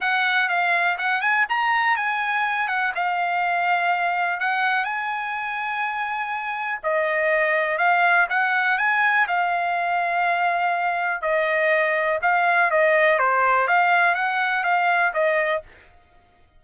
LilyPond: \new Staff \with { instrumentName = "trumpet" } { \time 4/4 \tempo 4 = 123 fis''4 f''4 fis''8 gis''8 ais''4 | gis''4. fis''8 f''2~ | f''4 fis''4 gis''2~ | gis''2 dis''2 |
f''4 fis''4 gis''4 f''4~ | f''2. dis''4~ | dis''4 f''4 dis''4 c''4 | f''4 fis''4 f''4 dis''4 | }